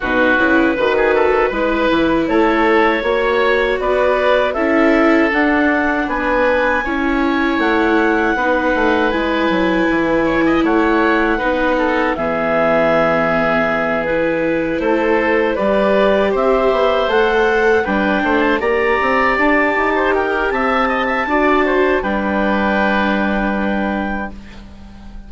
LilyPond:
<<
  \new Staff \with { instrumentName = "clarinet" } { \time 4/4 \tempo 4 = 79 b'2. cis''4~ | cis''4 d''4 e''4 fis''4 | gis''2 fis''2 | gis''2 fis''2 |
e''2~ e''8 b'4 c''8~ | c''8 d''4 e''4 fis''4 g''8~ | g''16 a''16 ais''4 a''4 g''8 a''4~ | a''4 g''2. | }
  \new Staff \with { instrumentName = "oboe" } { \time 4/4 fis'4 b'16 gis'16 a'8 b'4 a'4 | cis''4 b'4 a'2 | b'4 cis''2 b'4~ | b'4. cis''16 dis''16 cis''4 b'8 a'8 |
gis'2.~ gis'8 a'8~ | a'8 b'4 c''2 b'8 | c''8 d''4.~ d''16 c''16 ais'8 e''8 dis''16 e''16 | d''8 c''8 b'2. | }
  \new Staff \with { instrumentName = "viola" } { \time 4/4 dis'8 e'8 fis'4 e'2 | fis'2 e'4 d'4~ | d'4 e'2 dis'4 | e'2. dis'4 |
b2~ b8 e'4.~ | e'8 g'2 a'4 d'8~ | d'8 g'2.~ g'8 | fis'4 d'2. | }
  \new Staff \with { instrumentName = "bassoon" } { \time 4/4 b,8 cis8 dis4 gis8 e8 a4 | ais4 b4 cis'4 d'4 | b4 cis'4 a4 b8 a8 | gis8 fis8 e4 a4 b4 |
e2.~ e8 a8~ | a8 g4 c'8 b8 a4 g8 | a8 ais8 c'8 d'8 dis'4 c'4 | d'4 g2. | }
>>